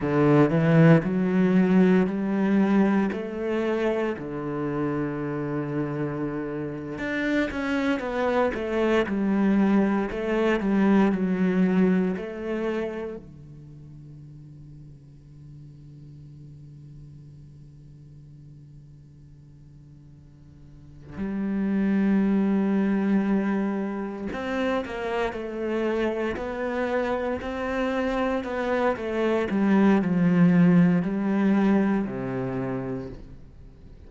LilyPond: \new Staff \with { instrumentName = "cello" } { \time 4/4 \tempo 4 = 58 d8 e8 fis4 g4 a4 | d2~ d8. d'8 cis'8 b16~ | b16 a8 g4 a8 g8 fis4 a16~ | a8. d2.~ d16~ |
d1~ | d8 g2. c'8 | ais8 a4 b4 c'4 b8 | a8 g8 f4 g4 c4 | }